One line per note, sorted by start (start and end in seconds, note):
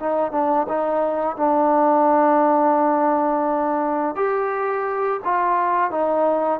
0.00 0.32 D#4
0.32 0.67 D4
0.69 1.37 D#4
1.37 4.16 D4
4.16 5.20 G4
5.25 5.91 F4
5.91 6.60 D#4